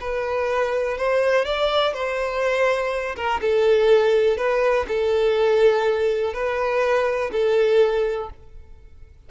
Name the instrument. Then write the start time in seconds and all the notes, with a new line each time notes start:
violin
0.00 B4
0.97 C5
1.45 D5
1.93 C5
3.16 A#4
3.41 A4
4.37 B4
4.88 A4
6.33 B4
7.31 A4